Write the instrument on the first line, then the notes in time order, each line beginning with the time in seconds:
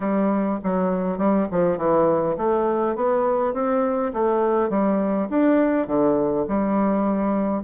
bassoon
0.00 G3
0.63 F#3
1.18 G3
1.51 F3
1.77 E3
2.37 A3
2.95 B3
3.53 C4
4.13 A3
4.69 G3
5.29 D4
5.87 D3
6.48 G3